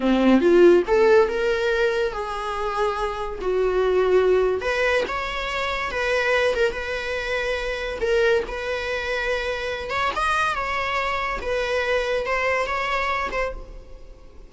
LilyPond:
\new Staff \with { instrumentName = "viola" } { \time 4/4 \tempo 4 = 142 c'4 f'4 a'4 ais'4~ | ais'4 gis'2. | fis'2. b'4 | cis''2 b'4. ais'8 |
b'2. ais'4 | b'2.~ b'8 cis''8 | dis''4 cis''2 b'4~ | b'4 c''4 cis''4. c''8 | }